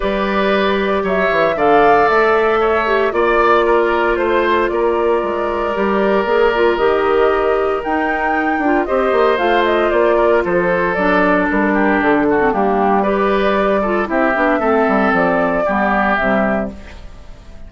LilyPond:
<<
  \new Staff \with { instrumentName = "flute" } { \time 4/4 \tempo 4 = 115 d''2 e''4 f''4 | e''2 d''2 | c''4 d''2.~ | d''4 dis''2 g''4~ |
g''4 dis''4 f''8 dis''8 d''4 | c''4 d''4 ais'4 a'4 | g'4 d''2 e''4~ | e''4 d''2 e''4 | }
  \new Staff \with { instrumentName = "oboe" } { \time 4/4 b'2 cis''4 d''4~ | d''4 cis''4 d''4 ais'4 | c''4 ais'2.~ | ais'1~ |
ais'4 c''2~ c''8 ais'8 | a'2~ a'8 g'4 fis'8 | d'4 b'4. a'8 g'4 | a'2 g'2 | }
  \new Staff \with { instrumentName = "clarinet" } { \time 4/4 g'2. a'4~ | a'4. g'8 f'2~ | f'2. g'4 | gis'8 f'8 g'2 dis'4~ |
dis'8 f'8 g'4 f'2~ | f'4 d'2~ d'8. c'16 | ais4 g'4. f'8 e'8 d'8 | c'2 b4 g4 | }
  \new Staff \with { instrumentName = "bassoon" } { \time 4/4 g2 fis8 e8 d4 | a2 ais2 | a4 ais4 gis4 g4 | ais4 dis2 dis'4~ |
dis'8 d'8 c'8 ais8 a4 ais4 | f4 fis4 g4 d4 | g2. c'8 b8 | a8 g8 f4 g4 c4 | }
>>